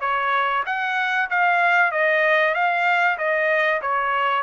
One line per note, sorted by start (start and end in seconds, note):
0.00 0.63 C#5
0.66 1.29 F#5
1.30 1.91 F5
1.91 2.54 D#5
2.54 3.17 F5
3.18 3.81 D#5
3.81 4.43 C#5